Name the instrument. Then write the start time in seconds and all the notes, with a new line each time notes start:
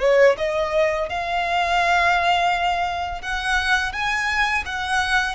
violin
0.00 C#5
0.38 D#5
1.09 F5
3.21 F#5
3.92 G#5
4.65 F#5